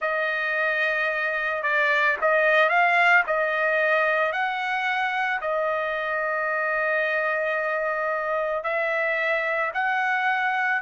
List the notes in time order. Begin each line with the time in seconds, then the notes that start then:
0.01 D#5
1.62 D5
2.21 D#5
2.69 F5
3.26 D#5
4.32 F#5
5.41 D#5
8.63 E5
9.73 F#5